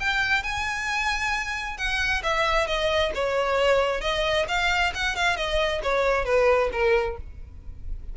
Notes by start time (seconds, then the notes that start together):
0.00 G5
0.43 G#5
1.77 F#5
2.23 E5
2.67 D#5
3.15 C#5
4.01 D#5
4.49 F5
4.94 F#5
5.16 F5
5.37 D#5
5.83 C#5
6.25 B4
6.72 A#4